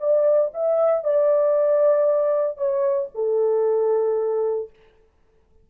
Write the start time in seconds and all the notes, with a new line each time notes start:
0.00 D5
0.54 E5
1.04 D5
2.57 C#5
3.15 A4